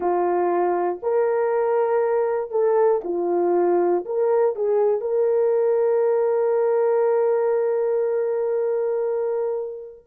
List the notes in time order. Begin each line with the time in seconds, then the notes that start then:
0.00 F4
1.02 A#4
2.50 A4
3.04 F4
4.05 A#4
4.55 G#4
5.00 A#4